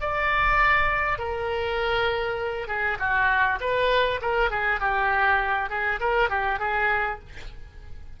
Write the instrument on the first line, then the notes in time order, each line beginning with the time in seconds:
oboe
0.00 D5
1.18 A#4
2.67 G#4
2.99 F#4
3.60 B4
4.21 A#4
4.50 G#4
4.80 G4
5.69 G#4
6.00 A#4
6.29 G4
6.59 G#4